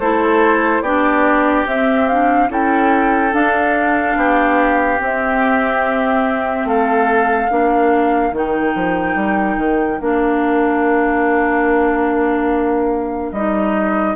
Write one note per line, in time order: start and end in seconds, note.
0.00 0.81 A3
0.00 0.85 E4
0.00 0.83 A4
0.00 0.83 C5
0.81 1.65 B3
0.81 1.67 D4
0.81 2.49 G4
0.81 1.66 D5
1.66 2.50 C4
1.66 2.09 C4
1.66 2.08 E5
2.08 2.49 D4
2.08 2.50 F5
2.49 3.33 C#4
2.49 3.32 E4
2.49 4.18 A4
2.49 3.34 G5
3.32 4.99 D4
3.32 4.16 D4
3.32 5.01 F5
4.16 4.99 B3
4.16 6.68 G4
4.99 7.49 C4
4.99 6.65 C4
4.99 6.68 E5
6.65 7.48 A3
6.65 7.51 A4
6.65 8.35 F5
7.49 8.32 A#3
7.49 8.32 D4
7.49 14.16 A#4
8.32 8.73 D#3
8.32 10.01 D#4
8.32 10.01 G5
8.75 9.15 F3
9.15 9.57 G3
9.57 9.99 D#3
10.01 13.32 A#3
10.01 13.34 D4
10.01 13.33 F5
13.32 14.15 G3
13.32 14.16 D#4
13.32 14.16 D#5